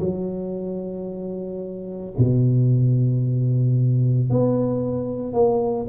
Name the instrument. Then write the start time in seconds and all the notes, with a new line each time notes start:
tuba
0.00 F#3
2.18 B2
4.31 B3
5.33 A#3